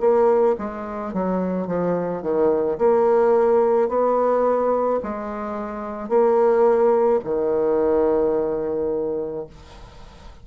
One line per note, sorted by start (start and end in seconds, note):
0.00 0.56 A#3
0.59 1.14 G#3
1.14 1.67 F#3
1.67 2.22 F3
2.22 2.78 D#3
2.78 3.89 A#3
3.89 5.00 B3
5.03 6.09 G#3
6.09 7.20 A#3
7.24 9.46 D#3